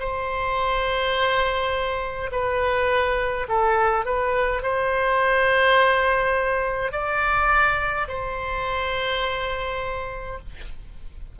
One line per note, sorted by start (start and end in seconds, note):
0.00 2.31 C5
2.32 3.47 B4
3.49 4.05 A4
4.05 4.63 B4
4.63 6.92 C5
6.92 8.08 D5
8.08 10.39 C5